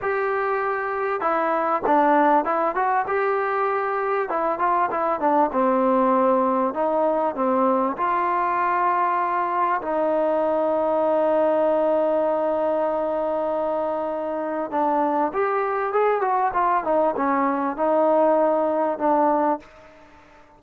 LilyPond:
\new Staff \with { instrumentName = "trombone" } { \time 4/4 \tempo 4 = 98 g'2 e'4 d'4 | e'8 fis'8 g'2 e'8 f'8 | e'8 d'8 c'2 dis'4 | c'4 f'2. |
dis'1~ | dis'1 | d'4 g'4 gis'8 fis'8 f'8 dis'8 | cis'4 dis'2 d'4 | }